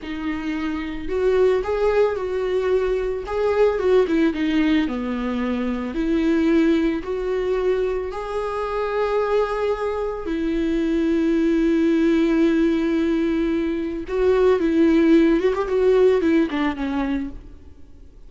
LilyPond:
\new Staff \with { instrumentName = "viola" } { \time 4/4 \tempo 4 = 111 dis'2 fis'4 gis'4 | fis'2 gis'4 fis'8 e'8 | dis'4 b2 e'4~ | e'4 fis'2 gis'4~ |
gis'2. e'4~ | e'1~ | e'2 fis'4 e'4~ | e'8 fis'16 g'16 fis'4 e'8 d'8 cis'4 | }